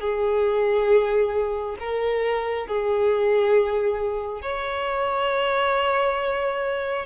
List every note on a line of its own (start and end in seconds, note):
0.00 1.76 G#4
1.79 2.66 A#4
2.66 4.41 G#4
4.41 7.05 C#5